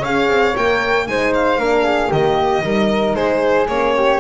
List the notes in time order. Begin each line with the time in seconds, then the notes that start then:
0.00 C#4 G#4 C#5 F5
0.28 C4
0.54 A#3 A#4 G5
1.07 G#3 D#4 C5 G#5
1.33 F5
1.58 A#3 D4 A#4
1.84 G#4
2.10 D#3 A#3 G4 D#5
2.62 G3 D#4 A#4
3.15 G#3 G#4 C5
3.68 A#3 C#4 C#5
3.96 G4